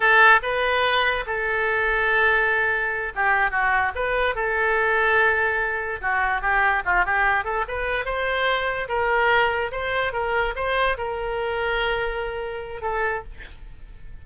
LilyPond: \new Staff \with { instrumentName = "oboe" } { \time 4/4 \tempo 4 = 145 a'4 b'2 a'4~ | a'2.~ a'8 g'8~ | g'8 fis'4 b'4 a'4.~ | a'2~ a'8 fis'4 g'8~ |
g'8 f'8 g'4 a'8 b'4 c''8~ | c''4. ais'2 c''8~ | c''8 ais'4 c''4 ais'4.~ | ais'2. a'4 | }